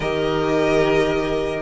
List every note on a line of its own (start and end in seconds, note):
0.00 1.62 D#3
0.00 1.62 G4
0.00 1.62 A#4
0.00 1.62 D#5